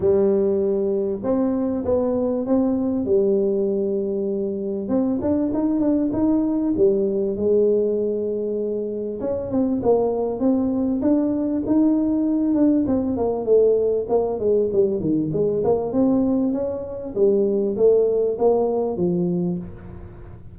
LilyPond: \new Staff \with { instrumentName = "tuba" } { \time 4/4 \tempo 4 = 98 g2 c'4 b4 | c'4 g2. | c'8 d'8 dis'8 d'8 dis'4 g4 | gis2. cis'8 c'8 |
ais4 c'4 d'4 dis'4~ | dis'8 d'8 c'8 ais8 a4 ais8 gis8 | g8 dis8 gis8 ais8 c'4 cis'4 | g4 a4 ais4 f4 | }